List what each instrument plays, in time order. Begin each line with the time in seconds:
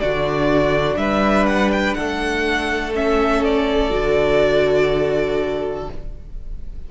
0.00 cello D3, viola D4, violin F#4 D5
0.97 cello G3, violin B4 E5
1.46 violin F#5
1.72 violin G5
1.94 cello A3, violin A4 F#5
2.94 viola C#4, violin E5
3.44 violin D5
3.91 cello D3, viola F#4